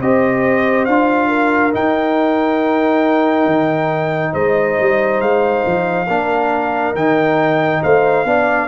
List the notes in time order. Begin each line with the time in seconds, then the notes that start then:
0.00 C4 G4 C5 D#5
0.86 D4 F4 F5
1.29 A#4
1.72 D#4 G5
3.46 D#3
4.33 G#3 C5 D#5
4.80 G3
5.20 G#3 F5
5.66 F3
6.08 A#3 D4 A#4
6.95 D#3 D#4 G5
7.83 A3 C5 F5
8.25 B3 D4 D5